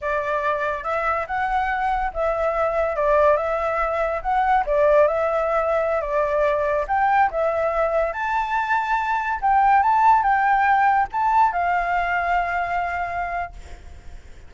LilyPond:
\new Staff \with { instrumentName = "flute" } { \time 4/4 \tempo 4 = 142 d''2 e''4 fis''4~ | fis''4 e''2 d''4 | e''2 fis''4 d''4 | e''2~ e''16 d''4.~ d''16~ |
d''16 g''4 e''2 a''8.~ | a''2~ a''16 g''4 a''8.~ | a''16 g''2 a''4 f''8.~ | f''1 | }